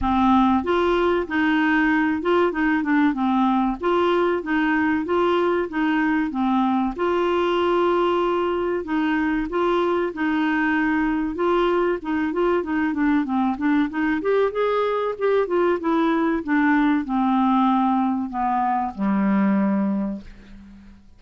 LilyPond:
\new Staff \with { instrumentName = "clarinet" } { \time 4/4 \tempo 4 = 95 c'4 f'4 dis'4. f'8 | dis'8 d'8 c'4 f'4 dis'4 | f'4 dis'4 c'4 f'4~ | f'2 dis'4 f'4 |
dis'2 f'4 dis'8 f'8 | dis'8 d'8 c'8 d'8 dis'8 g'8 gis'4 | g'8 f'8 e'4 d'4 c'4~ | c'4 b4 g2 | }